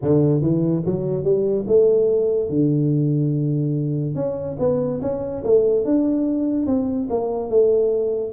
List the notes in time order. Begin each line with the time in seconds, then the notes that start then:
0.02 D3
0.41 E3
0.85 F#3
1.23 G3
1.67 A3
2.49 D3
4.15 C#4
4.59 B3
5.01 C#4
5.44 A3
5.84 D4
6.66 C4
7.09 A#3
7.49 A3